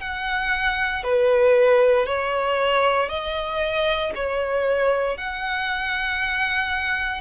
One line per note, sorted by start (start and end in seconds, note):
0.00 1.03 F#5
1.03 2.06 B4
2.06 3.09 C#5
3.09 4.12 D#5
4.15 5.17 C#5
5.17 7.20 F#5